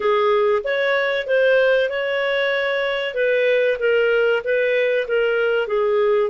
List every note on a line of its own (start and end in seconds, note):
0.00 0.62 G#4
0.64 1.27 C#5
1.27 1.89 C5
1.89 3.14 C#5
3.14 3.77 B4
3.79 4.42 A#4
4.44 5.07 B4
5.07 5.67 A#4
5.67 6.30 G#4